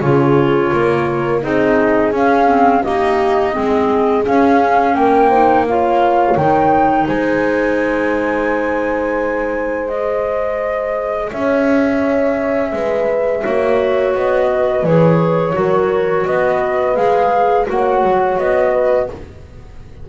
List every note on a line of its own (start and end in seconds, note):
0.00 0.72 C#3
0.00 1.42 F4
0.00 0.72 G#4
0.00 1.41 C#5
0.73 1.44 A#3
0.73 1.43 A#4
1.42 2.12 C4
1.42 2.12 D#4
1.42 2.83 G#4
1.42 2.13 D#5
2.12 2.83 C#4
2.12 2.47 C#4
2.12 2.83 F5
2.47 2.82 C4
2.83 3.53 A#3
2.83 3.57 D#4
2.83 3.53 G4
2.83 4.25 D#5
3.53 4.28 G#3
3.53 4.24 C4
3.53 4.94 G#4
4.25 5.31 C#4
4.25 4.95 C#4
4.25 4.95 F5
4.95 6.36 A#3
4.95 5.29 A#4
4.95 5.66 G5
5.29 5.67 D#4
5.29 5.65 C5
5.68 6.39 F4
5.68 7.07 C#5
5.68 6.37 F5
6.37 7.08 D#3
6.37 9.90 D#4
6.37 7.07 G5
7.07 11.32 G#3
7.07 11.30 C5
7.07 9.89 G#5
9.89 13.43 G#4
9.89 11.30 D#5
11.31 12.73 C#4
11.31 12.72 C#5
11.31 14.15 E5
12.73 13.44 G#3
12.73 13.42 B4
13.42 14.15 A#3
13.42 14.84 F#4
13.42 14.48 C#5
14.15 14.84 B3
14.15 14.86 D#5
14.52 15.57 B4
14.84 15.54 E3
14.84 15.54 G#4
14.84 16.26 C#5
15.54 16.26 F#3
15.54 16.96 F#4
15.54 16.27 A#4
16.26 16.97 B3
16.26 17.69 B4
16.26 16.96 D#5
16.96 17.68 G#3
16.96 17.67 G#4
16.96 17.67 F5
17.67 18.04 A#3
17.67 19.08 F#4
17.67 18.72 C#5
17.67 18.38 F#5
18.04 18.39 F#3
18.38 19.09 B3
18.38 19.09 D#5
18.72 19.08 B4